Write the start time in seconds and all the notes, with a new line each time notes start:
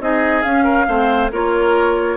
0.00 C4 D#4 G#4 D#5
0.42 C#4 F5
0.64 A#4
0.87 A3 C4 C5
1.32 A#3 F4 A#4 C#5